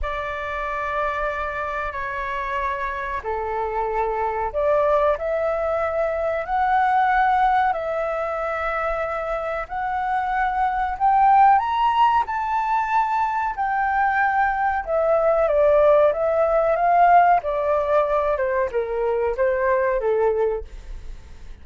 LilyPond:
\new Staff \with { instrumentName = "flute" } { \time 4/4 \tempo 4 = 93 d''2. cis''4~ | cis''4 a'2 d''4 | e''2 fis''2 | e''2. fis''4~ |
fis''4 g''4 ais''4 a''4~ | a''4 g''2 e''4 | d''4 e''4 f''4 d''4~ | d''8 c''8 ais'4 c''4 a'4 | }